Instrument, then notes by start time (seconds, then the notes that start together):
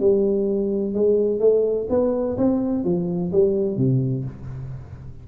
tuba
0.00 G3
0.94 G#3
1.40 A3
1.89 B3
2.38 C4
2.84 F3
3.32 G3
3.77 C3